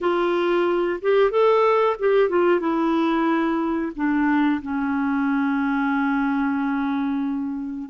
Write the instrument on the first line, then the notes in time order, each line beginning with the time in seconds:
clarinet
0.01 F4
1.01 G4
1.30 A4
1.99 G4
2.29 F4
2.60 E4
3.95 D4
4.62 C#4